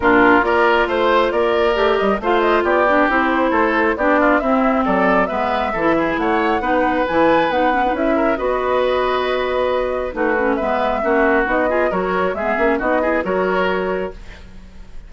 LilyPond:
<<
  \new Staff \with { instrumentName = "flute" } { \time 4/4 \tempo 4 = 136 ais'4 d''4 c''4 d''4~ | d''8 dis''8 f''8 dis''8 d''4 c''4~ | c''4 d''4 e''4 d''4 | e''2 fis''2 |
gis''4 fis''4 e''4 dis''4~ | dis''2. b'4 | e''2 dis''4 cis''4 | e''4 dis''4 cis''2 | }
  \new Staff \with { instrumentName = "oboe" } { \time 4/4 f'4 ais'4 c''4 ais'4~ | ais'4 c''4 g'2 | a'4 g'8 f'8 e'4 a'4 | b'4 a'8 gis'8 cis''4 b'4~ |
b'2~ b'8 ais'8 b'4~ | b'2. fis'4 | b'4 fis'4. gis'8 ais'4 | gis'4 fis'8 gis'8 ais'2 | }
  \new Staff \with { instrumentName = "clarinet" } { \time 4/4 d'4 f'2. | g'4 f'4. d'8 e'4~ | e'4 d'4 c'2 | b4 e'2 dis'4 |
e'4 dis'8 cis'16 dis'16 e'4 fis'4~ | fis'2. dis'8 cis'8 | b4 cis'4 dis'8 f'8 fis'4 | b8 cis'8 dis'8 e'8 fis'2 | }
  \new Staff \with { instrumentName = "bassoon" } { \time 4/4 ais,4 ais4 a4 ais4 | a8 g8 a4 b4 c'4 | a4 b4 c'4 fis4 | gis4 e4 a4 b4 |
e4 b4 cis'4 b4~ | b2. a4 | gis4 ais4 b4 fis4 | gis8 ais8 b4 fis2 | }
>>